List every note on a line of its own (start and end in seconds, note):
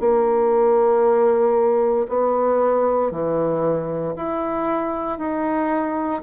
0.00 2.07 A#3
2.09 3.11 B3
3.11 4.15 E3
4.16 5.19 E4
5.19 6.22 D#4